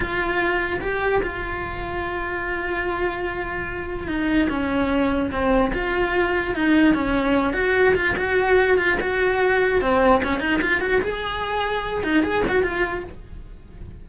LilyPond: \new Staff \with { instrumentName = "cello" } { \time 4/4 \tempo 4 = 147 f'2 g'4 f'4~ | f'1~ | f'2 dis'4 cis'4~ | cis'4 c'4 f'2 |
dis'4 cis'4. fis'4 f'8 | fis'4. f'8 fis'2 | c'4 cis'8 dis'8 f'8 fis'8 gis'4~ | gis'4. dis'8 gis'8 fis'8 f'4 | }